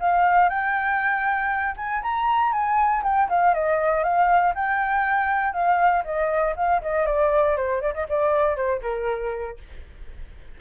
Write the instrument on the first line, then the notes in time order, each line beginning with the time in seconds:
flute
0.00 F5
0.49 G5
1.77 G#5
2.03 A#5
2.52 G#5
3.03 G5
3.29 F5
3.54 D#5
4.04 F5
4.55 G5
5.53 F5
6.04 D#5
6.56 F5
6.82 D#5
7.06 D5
7.56 C5
7.81 D5
7.94 D#5
8.09 D5
8.56 C5
8.82 A#4